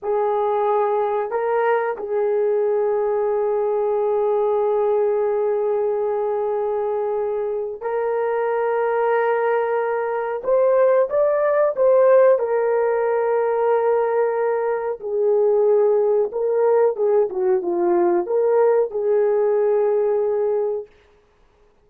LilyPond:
\new Staff \with { instrumentName = "horn" } { \time 4/4 \tempo 4 = 92 gis'2 ais'4 gis'4~ | gis'1~ | gis'1 | ais'1 |
c''4 d''4 c''4 ais'4~ | ais'2. gis'4~ | gis'4 ais'4 gis'8 fis'8 f'4 | ais'4 gis'2. | }